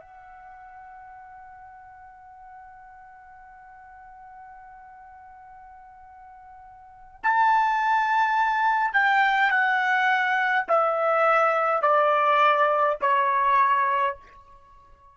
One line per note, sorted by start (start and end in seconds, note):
0.00 7.21 F#5
7.23 8.94 A5
8.94 9.50 G5
9.50 10.66 F#5
10.68 11.82 E5
11.82 12.98 D5
13.02 14.17 C#5